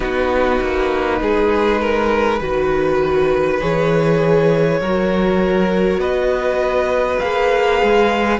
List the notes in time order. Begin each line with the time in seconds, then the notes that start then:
0.00 B3 D#4 F#4 B4
0.60 A#3
1.21 G#3 G#4
1.81 A#4
2.39 D#3 F#4 B4
3.60 E3 G#4 C#5
4.80 F#3 F#4 A#4
5.97 B3 B4 D#5
7.19 A#3 G#4 F5
7.82 G#3